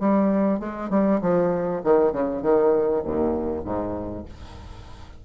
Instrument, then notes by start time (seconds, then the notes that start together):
bassoon
0.00 G3
0.60 G#3
0.90 G3
1.21 F3
1.84 D#3
2.12 C#3
2.42 D#3
3.05 D#2
3.64 G#2